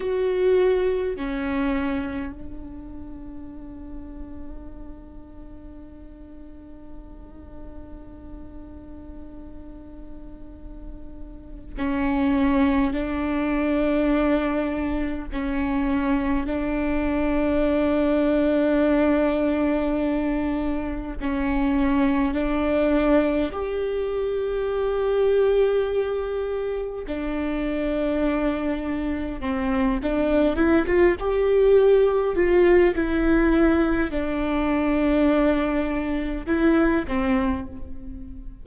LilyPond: \new Staff \with { instrumentName = "viola" } { \time 4/4 \tempo 4 = 51 fis'4 cis'4 d'2~ | d'1~ | d'2 cis'4 d'4~ | d'4 cis'4 d'2~ |
d'2 cis'4 d'4 | g'2. d'4~ | d'4 c'8 d'8 e'16 f'16 g'4 f'8 | e'4 d'2 e'8 c'8 | }